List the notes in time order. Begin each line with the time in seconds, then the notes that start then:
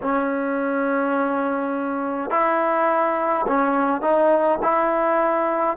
0.02 C#4
2.30 E4
3.47 C#4
4.01 D#4
4.62 E4